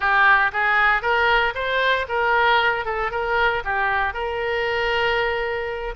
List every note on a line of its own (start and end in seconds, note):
0.00 0.51 G4
0.52 1.02 G#4
1.02 1.53 A#4
1.54 2.06 C5
2.08 2.85 A#4
2.85 3.11 A4
3.11 3.63 A#4
3.64 4.13 G4
4.13 5.94 A#4